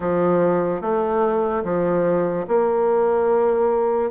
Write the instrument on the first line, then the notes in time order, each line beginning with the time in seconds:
bassoon
0.00 F3
0.81 A3
1.64 F3
2.47 A#3